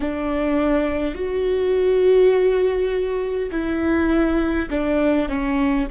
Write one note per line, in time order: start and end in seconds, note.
0.00 1.14 D4
1.14 3.50 F#4
3.51 4.68 E4
4.70 5.28 D4
5.28 5.87 C#4